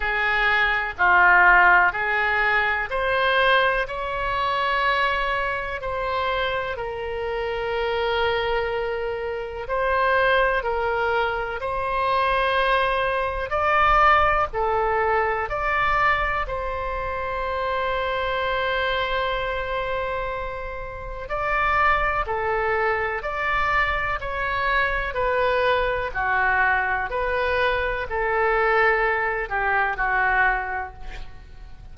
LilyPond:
\new Staff \with { instrumentName = "oboe" } { \time 4/4 \tempo 4 = 62 gis'4 f'4 gis'4 c''4 | cis''2 c''4 ais'4~ | ais'2 c''4 ais'4 | c''2 d''4 a'4 |
d''4 c''2.~ | c''2 d''4 a'4 | d''4 cis''4 b'4 fis'4 | b'4 a'4. g'8 fis'4 | }